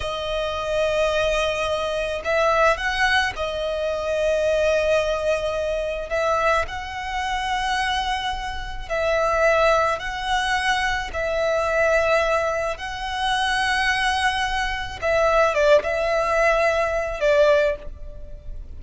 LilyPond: \new Staff \with { instrumentName = "violin" } { \time 4/4 \tempo 4 = 108 dis''1 | e''4 fis''4 dis''2~ | dis''2. e''4 | fis''1 |
e''2 fis''2 | e''2. fis''4~ | fis''2. e''4 | d''8 e''2~ e''8 d''4 | }